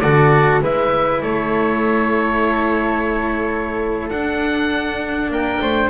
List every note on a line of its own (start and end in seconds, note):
0.00 0.61 D3
0.00 0.61 F#4
0.00 0.62 A4
0.00 0.61 D5
0.61 1.22 G#3
0.61 4.10 E4
0.61 1.22 B4
0.61 1.22 E5
1.22 4.10 A3
1.22 5.31 A4
1.22 4.09 C#5
4.10 5.30 D4
4.10 5.90 D4
4.10 5.31 F#5
5.30 5.60 A#3
5.30 5.61 A#4
5.30 5.90 G5
5.61 5.90 A3
5.61 5.90 C5